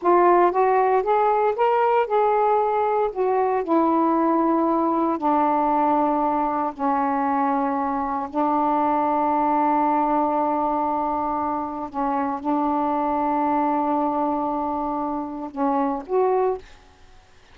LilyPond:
\new Staff \with { instrumentName = "saxophone" } { \time 4/4 \tempo 4 = 116 f'4 fis'4 gis'4 ais'4 | gis'2 fis'4 e'4~ | e'2 d'2~ | d'4 cis'2. |
d'1~ | d'2. cis'4 | d'1~ | d'2 cis'4 fis'4 | }